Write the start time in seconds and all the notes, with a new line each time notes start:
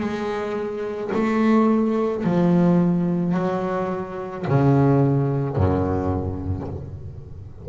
0.00 G#3
1.14 A3
2.24 F3
3.34 F#3
4.47 C#3
5.56 F#2